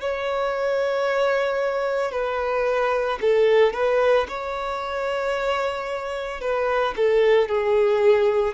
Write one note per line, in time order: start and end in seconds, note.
0.00 2.11 C#5
2.11 3.19 B4
3.21 3.73 A4
3.73 4.27 B4
4.28 6.41 C#5
6.41 6.94 B4
6.96 7.48 A4
7.48 8.54 G#4